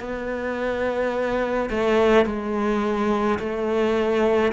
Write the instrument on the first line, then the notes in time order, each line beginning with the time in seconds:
cello
0.00 B3
1.70 A3
2.26 G#3
3.39 A3